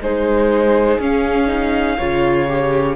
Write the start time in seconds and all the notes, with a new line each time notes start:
0.00 G#3 D#4 G#4 C5
0.99 C#4 F5
1.47 D#4
1.97 C#3 F4 C#5
2.48 G4